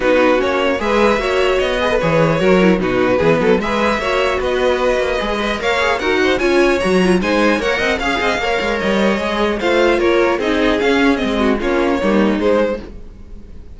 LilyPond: <<
  \new Staff \with { instrumentName = "violin" } { \time 4/4 \tempo 4 = 150 b'4 cis''4 e''2 | dis''4 cis''2 b'4~ | b'4 e''2 dis''4~ | dis''2 f''4 fis''4 |
gis''4 ais''4 gis''4 fis''4 | f''2 dis''2 | f''4 cis''4 dis''4 f''4 | dis''4 cis''2 c''4 | }
  \new Staff \with { instrumentName = "violin" } { \time 4/4 fis'2 b'4 cis''4~ | cis''8 b'4. ais'4 fis'4 | gis'8 a'8 b'4 cis''4 b'4~ | b'4. dis''8 cis''4 ais'8 c''8 |
cis''2 c''4 cis''8 dis''8 | f''8 dis''8 cis''2. | c''4 ais'4 gis'2~ | gis'8 fis'8 f'4 dis'2 | }
  \new Staff \with { instrumentName = "viola" } { \time 4/4 dis'4 cis'4 gis'4 fis'4~ | fis'8 gis'16 a'16 gis'4 fis'8 e'8 dis'4 | b4 gis'4 fis'2~ | fis'4 gis'8 b'8 ais'8 gis'8 fis'4 |
f'4 fis'8 f'8 dis'4 ais'4 | gis'4 ais'2 gis'4 | f'2 dis'4 cis'4 | c'4 cis'4 ais4 gis4 | }
  \new Staff \with { instrumentName = "cello" } { \time 4/4 b4 ais4 gis4 ais4 | b4 e4 fis4 b,4 | e8 fis8 gis4 ais4 b4~ | b8 ais8 gis4 ais4 dis'4 |
cis'4 fis4 gis4 ais8 c'8 | cis'8 c'8 ais8 gis8 g4 gis4 | a4 ais4 c'4 cis'4 | gis4 ais4 g4 gis4 | }
>>